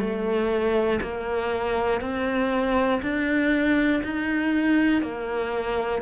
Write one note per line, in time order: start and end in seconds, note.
0.00 1.00 A3
1.01 2.01 A#3
2.01 3.01 C4
3.02 4.02 D4
4.03 5.01 D#4
5.01 6.01 A#3